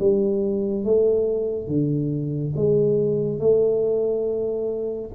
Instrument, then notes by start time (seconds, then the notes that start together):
tuba
0.00 G3
0.85 A3
1.68 D3
2.56 G#3
3.40 A3